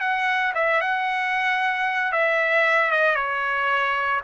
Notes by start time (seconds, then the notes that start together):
0.00 F#5
0.55 E5
0.81 F#5
2.12 E5
2.91 D#5
3.15 C#5